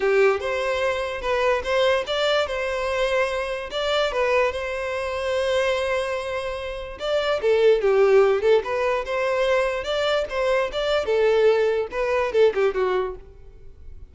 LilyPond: \new Staff \with { instrumentName = "violin" } { \time 4/4 \tempo 4 = 146 g'4 c''2 b'4 | c''4 d''4 c''2~ | c''4 d''4 b'4 c''4~ | c''1~ |
c''4 d''4 a'4 g'4~ | g'8 a'8 b'4 c''2 | d''4 c''4 d''4 a'4~ | a'4 b'4 a'8 g'8 fis'4 | }